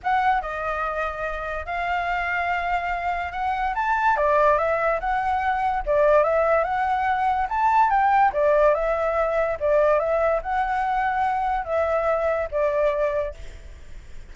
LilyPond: \new Staff \with { instrumentName = "flute" } { \time 4/4 \tempo 4 = 144 fis''4 dis''2. | f''1 | fis''4 a''4 d''4 e''4 | fis''2 d''4 e''4 |
fis''2 a''4 g''4 | d''4 e''2 d''4 | e''4 fis''2. | e''2 d''2 | }